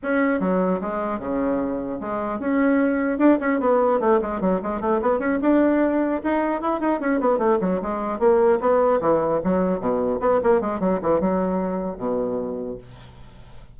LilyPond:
\new Staff \with { instrumentName = "bassoon" } { \time 4/4 \tempo 4 = 150 cis'4 fis4 gis4 cis4~ | cis4 gis4 cis'2 | d'8 cis'8 b4 a8 gis8 fis8 gis8 | a8 b8 cis'8 d'2 dis'8~ |
dis'8 e'8 dis'8 cis'8 b8 a8 fis8 gis8~ | gis8 ais4 b4 e4 fis8~ | fis8 b,4 b8 ais8 gis8 fis8 e8 | fis2 b,2 | }